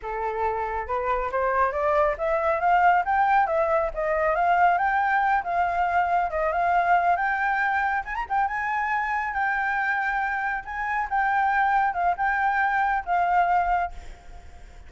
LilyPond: \new Staff \with { instrumentName = "flute" } { \time 4/4 \tempo 4 = 138 a'2 b'4 c''4 | d''4 e''4 f''4 g''4 | e''4 dis''4 f''4 g''4~ | g''8 f''2 dis''8 f''4~ |
f''8 g''2 gis''16 ais''16 g''8 gis''8~ | gis''4. g''2~ g''8~ | g''8 gis''4 g''2 f''8 | g''2 f''2 | }